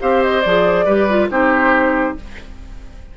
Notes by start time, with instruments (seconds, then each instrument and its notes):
0.00 bassoon C4, clarinet G4, oboe C5, flute F5
0.22 flute D#5
0.41 bassoon F3, clarinet G#4, flute D5
0.85 bassoon G3, clarinet G4, oboe B4
1.09 clarinet F4
1.30 bassoon C4, clarinet D#4, oboe G4, flute C5